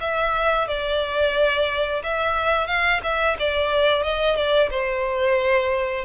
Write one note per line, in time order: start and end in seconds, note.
0.00 0.67 E5
0.67 2.02 D5
2.03 2.67 E5
2.67 3.01 F5
3.03 3.36 E5
3.39 4.03 D5
4.03 4.36 D#5
4.36 4.69 D5
4.70 6.05 C5